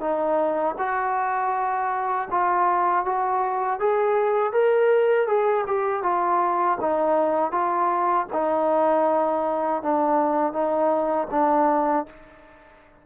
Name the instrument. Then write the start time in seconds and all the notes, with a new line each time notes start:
trombone
0.00 D#4
0.78 F#4
2.31 F4
3.05 F#4
3.79 G#4
4.52 A#4
5.27 G#4
5.67 G4
6.02 F4
6.81 D#4
7.51 F4
8.33 D#4
9.82 D4
10.52 D#4
11.30 D4